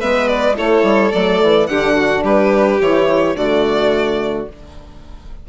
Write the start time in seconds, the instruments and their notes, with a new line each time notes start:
0.00 bassoon G#3, horn B3, violin B4 E5
0.28 violin D5
0.55 bassoon A3, horn E4, violin A4 C#5
0.83 bassoon G3
1.13 bassoon F#3, horn A3, violin D5
1.43 bassoon E3
1.67 bassoon D3, horn D4, violin G4 F#5
1.96 violin F#4
2.24 bassoon G3, violin G4 B4
2.81 bassoon E3, horn E4, violin C#5
3.36 bassoon D3, horn A3, violin F#4 D5